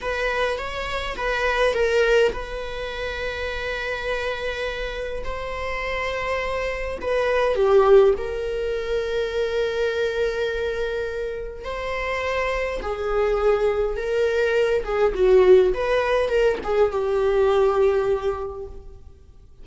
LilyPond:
\new Staff \with { instrumentName = "viola" } { \time 4/4 \tempo 4 = 103 b'4 cis''4 b'4 ais'4 | b'1~ | b'4 c''2. | b'4 g'4 ais'2~ |
ais'1 | c''2 gis'2 | ais'4. gis'8 fis'4 b'4 | ais'8 gis'8 g'2. | }